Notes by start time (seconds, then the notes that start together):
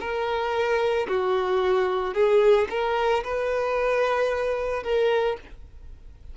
0.00 A#4
1.07 F#4
2.14 G#4
2.70 A#4
3.23 B4
4.83 A#4